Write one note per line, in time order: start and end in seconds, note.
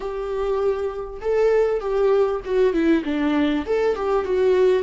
0.00 1.20 G4
1.21 1.80 A4
1.80 2.40 G4
2.44 2.73 F#4
2.73 3.03 E4
3.04 3.65 D4
3.66 3.95 A4
3.95 4.25 G4
4.25 4.83 F#4